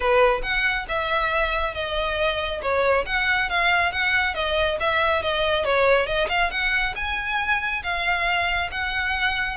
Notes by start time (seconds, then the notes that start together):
0.00 B4
0.42 F#5
0.88 E5
1.74 D#5
2.61 C#5
3.06 F#5
3.49 F5
3.92 F#5
4.34 D#5
4.80 E5
5.22 D#5
5.64 C#5
6.06 D#5
6.28 F5
6.50 F#5
6.95 G#5
7.83 F5
8.71 F#5